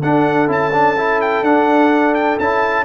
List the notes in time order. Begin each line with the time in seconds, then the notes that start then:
0.00 D4 A4 F#5
0.47 C#4 E4 A5
0.72 D4
0.97 E4
1.21 G5
1.42 D4 F#5
2.14 G5
2.38 C#4 E4 A5